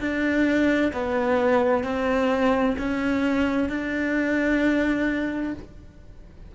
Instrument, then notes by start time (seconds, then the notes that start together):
cello
0.00 D4
0.93 B3
1.84 C4
2.78 C#4
3.69 D4